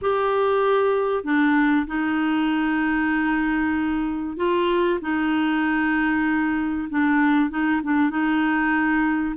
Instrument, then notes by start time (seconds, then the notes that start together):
clarinet
0.01 G4
1.24 D4
1.86 D#4
4.37 F4
5.01 D#4
6.89 D4
7.50 D#4
7.83 D4
8.09 D#4